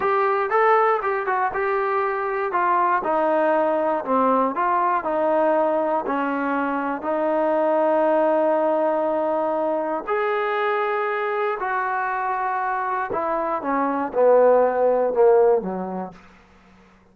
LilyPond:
\new Staff \with { instrumentName = "trombone" } { \time 4/4 \tempo 4 = 119 g'4 a'4 g'8 fis'8 g'4~ | g'4 f'4 dis'2 | c'4 f'4 dis'2 | cis'2 dis'2~ |
dis'1 | gis'2. fis'4~ | fis'2 e'4 cis'4 | b2 ais4 fis4 | }